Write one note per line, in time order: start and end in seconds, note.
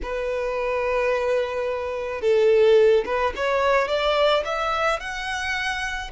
0.02 2.21 B4
2.21 3.04 A4
3.05 3.33 B4
3.35 3.87 C#5
3.87 4.43 D5
4.44 4.99 E5
4.99 6.11 F#5